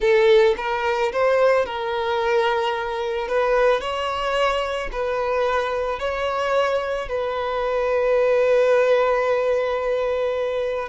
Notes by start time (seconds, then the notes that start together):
0.00 A4
0.57 A#4
1.12 C5
1.65 A#4
3.28 B4
3.80 C#5
4.92 B4
5.99 C#5
7.08 B4